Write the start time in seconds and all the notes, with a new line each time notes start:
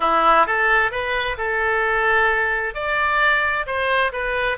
0.00 E4
0.46 A4
0.91 B4
1.37 A4
2.74 D5
3.66 C5
4.12 B4